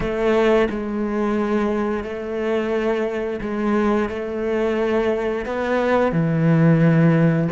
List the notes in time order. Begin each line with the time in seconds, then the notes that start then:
0.00 A3
0.69 G#3
2.03 A3
3.41 G#3
4.09 A3
5.45 B3
6.11 E3